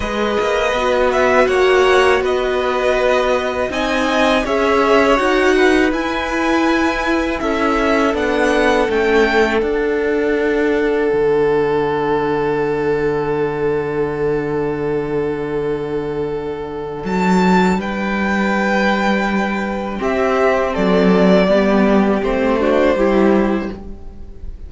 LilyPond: <<
  \new Staff \with { instrumentName = "violin" } { \time 4/4 \tempo 4 = 81 dis''4. e''8 fis''4 dis''4~ | dis''4 gis''4 e''4 fis''4 | gis''2 e''4 fis''4 | g''4 fis''2.~ |
fis''1~ | fis''2. a''4 | g''2. e''4 | d''2 c''2 | }
  \new Staff \with { instrumentName = "violin" } { \time 4/4 b'2 cis''4 b'4~ | b'4 dis''4 cis''4. b'8~ | b'2 a'2~ | a'1~ |
a'1~ | a'1 | b'2. g'4 | a'4 g'4. fis'8 g'4 | }
  \new Staff \with { instrumentName = "viola" } { \time 4/4 gis'4 fis'2.~ | fis'4 dis'4 gis'4 fis'4 | e'2. d'4 | cis'4 d'2.~ |
d'1~ | d'1~ | d'2. c'4~ | c'4 b4 c'8 d'8 e'4 | }
  \new Staff \with { instrumentName = "cello" } { \time 4/4 gis8 ais8 b4 ais4 b4~ | b4 c'4 cis'4 dis'4 | e'2 cis'4 b4 | a4 d'2 d4~ |
d1~ | d2. fis4 | g2. c'4 | fis4 g4 a4 g4 | }
>>